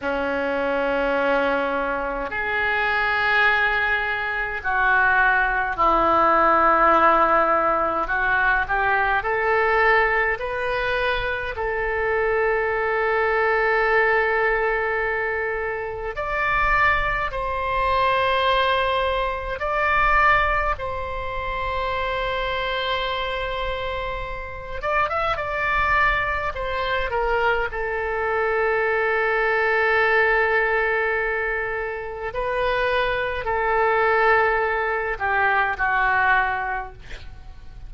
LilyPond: \new Staff \with { instrumentName = "oboe" } { \time 4/4 \tempo 4 = 52 cis'2 gis'2 | fis'4 e'2 fis'8 g'8 | a'4 b'4 a'2~ | a'2 d''4 c''4~ |
c''4 d''4 c''2~ | c''4. d''16 e''16 d''4 c''8 ais'8 | a'1 | b'4 a'4. g'8 fis'4 | }